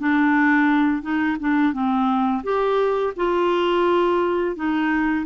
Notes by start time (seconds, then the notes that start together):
0.00 D4
1.03 D#4
1.40 D4
1.73 C4
2.44 G4
3.17 F4
4.56 D#4